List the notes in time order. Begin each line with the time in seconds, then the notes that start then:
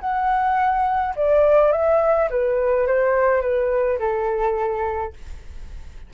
0.00 F#5
1.16 D5
1.72 E5
2.30 B4
2.87 C5
3.41 B4
3.99 A4